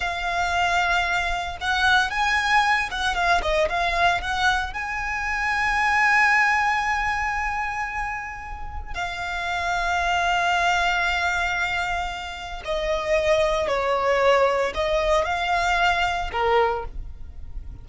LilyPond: \new Staff \with { instrumentName = "violin" } { \time 4/4 \tempo 4 = 114 f''2. fis''4 | gis''4. fis''8 f''8 dis''8 f''4 | fis''4 gis''2.~ | gis''1~ |
gis''4 f''2.~ | f''1 | dis''2 cis''2 | dis''4 f''2 ais'4 | }